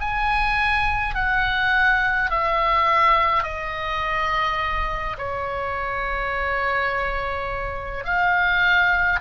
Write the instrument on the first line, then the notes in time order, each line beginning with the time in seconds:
oboe
0.00 G#5
1.14 F#5
2.30 E5
3.43 D#5
5.18 C#5
8.04 F5